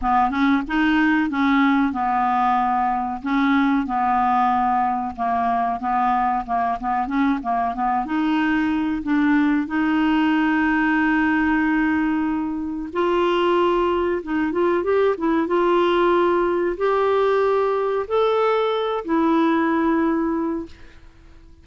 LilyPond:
\new Staff \with { instrumentName = "clarinet" } { \time 4/4 \tempo 4 = 93 b8 cis'8 dis'4 cis'4 b4~ | b4 cis'4 b2 | ais4 b4 ais8 b8 cis'8 ais8 | b8 dis'4. d'4 dis'4~ |
dis'1 | f'2 dis'8 f'8 g'8 e'8 | f'2 g'2 | a'4. e'2~ e'8 | }